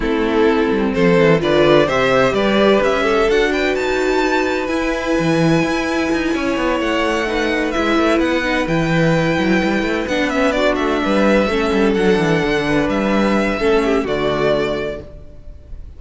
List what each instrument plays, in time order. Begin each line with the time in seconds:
0.00 cello A3, viola C4, violin E4 A4
0.70 cello G3
0.93 cello F3, violin A4 C5
1.19 cello E3
1.39 cello D3, viola F4, violin B4 D5
1.86 cello C3, viola G4, violin C5 E5
2.32 cello G3, violin B4 D5
2.80 cello C#4, violin E5
3.03 violin A4
3.28 cello D4, viola F#4, violin F#5
3.52 violin B4 G5
3.75 cello D#4, violin A5
4.67 viola E4, cello E4, violin G#5
5.19 cello E3
5.62 cello E4
6.12 cello D#4
6.33 cello C#4, violin C#5
6.57 cello B3
6.80 cello A3, violin F#5
7.26 viola D#4, violin B4
7.71 cello G#3, viola E4, violin E5
7.98 cello A3
8.19 cello B3, violin F#5
8.43 viola D#4
8.67 cello E3, viola E4, violin G5
9.38 cello F#3
9.63 cello G3
9.82 cello A3
10.07 cello B3, viola D4, violin F#5
10.29 viola C#4, violin E5
10.51 viola D4, violin F#4 D5
10.75 cello A3, violin E5
11.04 cello G3, violin B4
11.47 cello A3, viola C#4, violin A4
11.72 cello G3
11.94 cello F#3, viola D4, violin F#5
12.19 cello E3
12.44 cello D3
12.67 violin B4
12.88 cello G3, violin E5
13.59 cello A3, viola C#4, violin A4
13.84 violin G4
14.03 cello D3, viola A3, violin F#4 D5